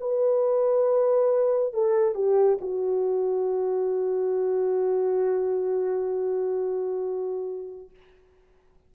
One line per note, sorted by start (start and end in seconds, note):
0.00 1.73 B4
1.73 2.15 A4
2.15 2.59 G4
2.61 7.91 F#4